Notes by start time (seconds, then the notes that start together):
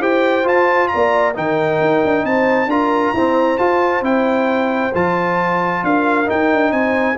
0.00 E4 G4 C5 G5
0.44 F4 A5
0.88 D5 A#5
0.95 A#3
1.34 D#3 D#4 A#4 G5
1.80 D#4
2.04 D4
2.24 C4 C5 A5
2.67 D4 F4 A#4 A#5
3.13 C4 E4 C5
3.58 F4 A5
4.01 C4 E4 G5
4.94 F3 F4 A5
5.83 D4 A#4 F5
6.25 D#4 G5
6.53 D4
6.71 C4 C5 G#5